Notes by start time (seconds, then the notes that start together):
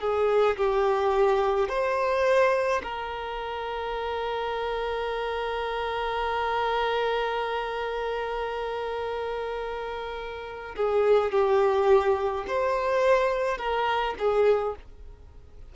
0.00 G#4
0.57 G4
1.68 C5
2.83 A#4
10.75 G#4
11.32 G4
12.47 C5
13.57 A#4
14.18 G#4